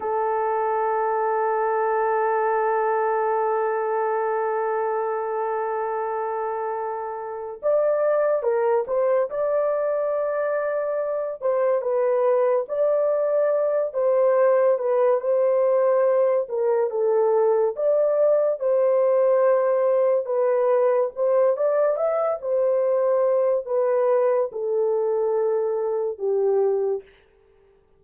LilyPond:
\new Staff \with { instrumentName = "horn" } { \time 4/4 \tempo 4 = 71 a'1~ | a'1~ | a'4 d''4 ais'8 c''8 d''4~ | d''4. c''8 b'4 d''4~ |
d''8 c''4 b'8 c''4. ais'8 | a'4 d''4 c''2 | b'4 c''8 d''8 e''8 c''4. | b'4 a'2 g'4 | }